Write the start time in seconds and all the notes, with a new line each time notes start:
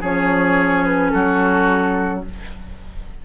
0.00 F3 C#4 G#4 C#5
0.85 B4
1.10 F#3 F#4 A4